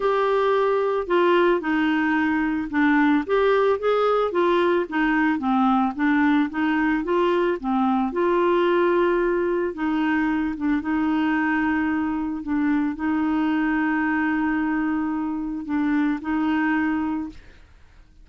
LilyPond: \new Staff \with { instrumentName = "clarinet" } { \time 4/4 \tempo 4 = 111 g'2 f'4 dis'4~ | dis'4 d'4 g'4 gis'4 | f'4 dis'4 c'4 d'4 | dis'4 f'4 c'4 f'4~ |
f'2 dis'4. d'8 | dis'2. d'4 | dis'1~ | dis'4 d'4 dis'2 | }